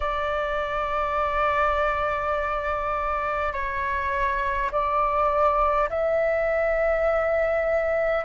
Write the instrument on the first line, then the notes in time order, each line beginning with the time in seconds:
flute
0.00 D5
3.52 C#5
4.71 D5
5.89 E5